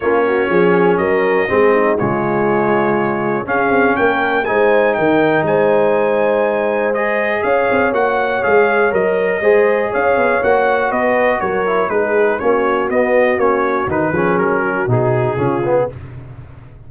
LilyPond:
<<
  \new Staff \with { instrumentName = "trumpet" } { \time 4/4 \tempo 4 = 121 cis''2 dis''2 | cis''2. f''4 | g''4 gis''4 g''4 gis''4~ | gis''2 dis''4 f''4 |
fis''4 f''4 dis''2 | f''4 fis''4 dis''4 cis''4 | b'4 cis''4 dis''4 cis''4 | b'4 ais'4 gis'2 | }
  \new Staff \with { instrumentName = "horn" } { \time 4/4 f'8 fis'8 gis'4 ais'4 gis'8 dis'8 | f'2. gis'4 | ais'4 c''4 ais'4 c''4~ | c''2. cis''4~ |
cis''2. c''4 | cis''2 b'4 ais'4 | gis'4 fis'2.~ | fis'8 gis'4 fis'4. f'4 | }
  \new Staff \with { instrumentName = "trombone" } { \time 4/4 cis'2. c'4 | gis2. cis'4~ | cis'4 dis'2.~ | dis'2 gis'2 |
fis'4 gis'4 ais'4 gis'4~ | gis'4 fis'2~ fis'8 e'8 | dis'4 cis'4 b4 cis'4 | dis'8 cis'4. dis'4 cis'8 b8 | }
  \new Staff \with { instrumentName = "tuba" } { \time 4/4 ais4 f4 fis4 gis4 | cis2. cis'8 c'8 | ais4 gis4 dis4 gis4~ | gis2. cis'8 c'8 |
ais4 gis4 fis4 gis4 | cis'8 b8 ais4 b4 fis4 | gis4 ais4 b4 ais4 | dis8 f8 fis4 b,4 cis4 | }
>>